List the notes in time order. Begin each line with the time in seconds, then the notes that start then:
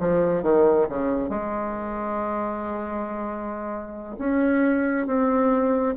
0.00 F3
0.43 D#3
0.89 C#3
1.30 G#3
4.19 C#4
5.07 C4